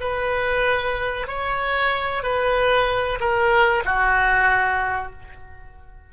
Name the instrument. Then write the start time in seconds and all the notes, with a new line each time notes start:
oboe
0.00 B4
1.27 C#5
2.23 B4
3.20 A#4
3.85 F#4